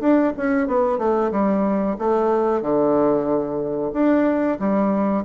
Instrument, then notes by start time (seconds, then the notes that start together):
bassoon
0.00 D4
0.37 C#4
0.68 B3
0.98 A3
1.31 G3
1.99 A3
2.62 D3
3.93 D4
4.59 G3